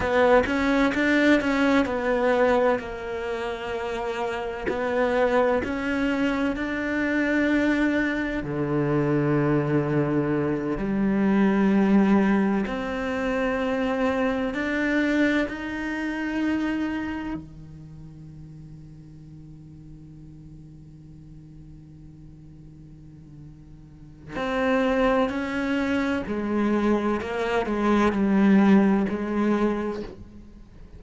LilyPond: \new Staff \with { instrumentName = "cello" } { \time 4/4 \tempo 4 = 64 b8 cis'8 d'8 cis'8 b4 ais4~ | ais4 b4 cis'4 d'4~ | d'4 d2~ d8 g8~ | g4. c'2 d'8~ |
d'8 dis'2 dis4.~ | dis1~ | dis2 c'4 cis'4 | gis4 ais8 gis8 g4 gis4 | }